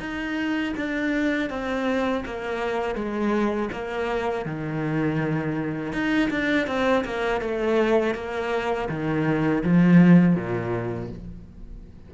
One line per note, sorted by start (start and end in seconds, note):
0.00 0.74 D#4
0.77 1.50 D4
1.50 2.24 C4
2.26 2.95 A#3
2.95 3.69 G#3
3.72 4.45 A#3
4.45 5.93 D#3
5.93 6.30 D#4
6.31 6.67 D4
6.67 7.04 C4
7.05 7.41 A#3
7.41 8.15 A3
8.15 8.89 A#3
8.89 9.63 D#3
9.64 10.36 F3
10.36 11.10 A#2